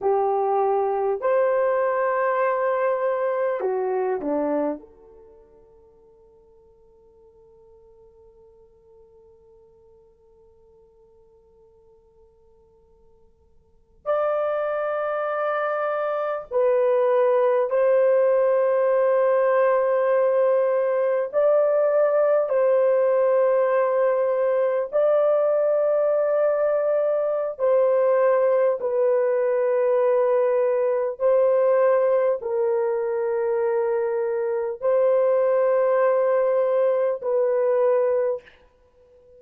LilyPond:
\new Staff \with { instrumentName = "horn" } { \time 4/4 \tempo 4 = 50 g'4 c''2 fis'8 d'8 | a'1~ | a'2.~ a'8. d''16~ | d''4.~ d''16 b'4 c''4~ c''16~ |
c''4.~ c''16 d''4 c''4~ c''16~ | c''8. d''2~ d''16 c''4 | b'2 c''4 ais'4~ | ais'4 c''2 b'4 | }